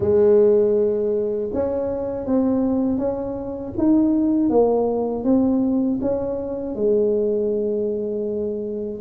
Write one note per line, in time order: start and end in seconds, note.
0.00 1.50 G#3
1.53 2.26 C#4
2.26 2.98 C4
2.98 3.73 C#4
3.77 4.49 D#4
4.49 5.24 A#3
5.24 5.99 C4
6.01 6.75 C#4
6.75 9.00 G#3